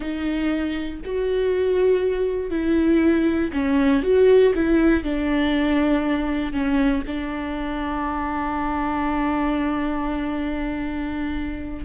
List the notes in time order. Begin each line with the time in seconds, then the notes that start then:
0.00 D#4
1.04 F#4
2.50 E4
3.52 C#4
4.02 F#4
4.54 E4
5.03 D4
6.52 C#4
7.06 D4